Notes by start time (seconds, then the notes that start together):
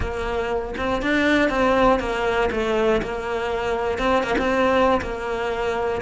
0.00 A#3
0.77 C4
1.01 D4
1.49 C4
1.99 A#3
2.51 A3
3.01 A#3
3.98 C4
4.23 A#3
4.38 C4
5.01 A#3